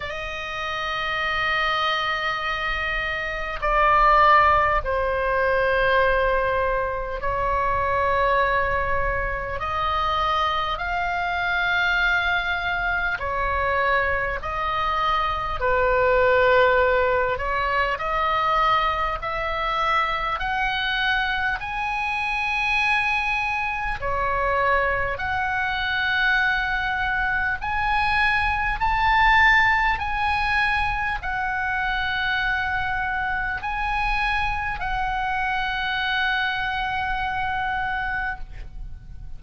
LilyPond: \new Staff \with { instrumentName = "oboe" } { \time 4/4 \tempo 4 = 50 dis''2. d''4 | c''2 cis''2 | dis''4 f''2 cis''4 | dis''4 b'4. cis''8 dis''4 |
e''4 fis''4 gis''2 | cis''4 fis''2 gis''4 | a''4 gis''4 fis''2 | gis''4 fis''2. | }